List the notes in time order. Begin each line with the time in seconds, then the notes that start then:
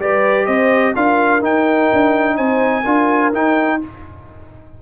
0.00 G3 G4 B4 D5
0.47 C4 C5 D#5
0.95 D4 F4 A#4 F5
1.41 D#4 G5
1.93 D4
2.37 C4 C5 G#5
2.83 D4 F4 A#4
3.33 D#4 G5